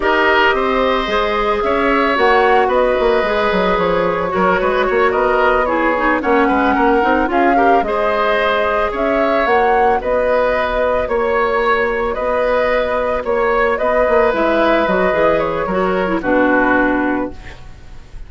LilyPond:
<<
  \new Staff \with { instrumentName = "flute" } { \time 4/4 \tempo 4 = 111 dis''2. e''4 | fis''4 dis''2 cis''4~ | cis''4. dis''4 cis''4 fis''8~ | fis''4. f''4 dis''4.~ |
dis''8 e''4 fis''4 dis''4.~ | dis''8 cis''2 dis''4.~ | dis''8 cis''4 dis''4 e''4 dis''8~ | dis''8 cis''4. b'2 | }
  \new Staff \with { instrumentName = "oboe" } { \time 4/4 ais'4 c''2 cis''4~ | cis''4 b'2. | ais'8 b'8 cis''8 ais'4 gis'4 cis''8 | b'8 ais'4 gis'8 ais'8 c''4.~ |
c''8 cis''2 b'4.~ | b'8 cis''2 b'4.~ | b'8 cis''4 b'2~ b'8~ | b'4 ais'4 fis'2 | }
  \new Staff \with { instrumentName = "clarinet" } { \time 4/4 g'2 gis'2 | fis'2 gis'2 | fis'2~ fis'8 e'8 dis'8 cis'8~ | cis'4 dis'8 f'8 g'8 gis'4.~ |
gis'4. fis'2~ fis'8~ | fis'1~ | fis'2~ fis'8 e'4 fis'8 | gis'4 fis'8. e'16 d'2 | }
  \new Staff \with { instrumentName = "bassoon" } { \time 4/4 dis'4 c'4 gis4 cis'4 | ais4 b8 ais8 gis8 fis8 f4 | fis8 gis8 ais8 b2 ais8 | gis8 ais8 c'8 cis'4 gis4.~ |
gis8 cis'4 ais4 b4.~ | b8 ais2 b4.~ | b8 ais4 b8 ais8 gis4 fis8 | e4 fis4 b,2 | }
>>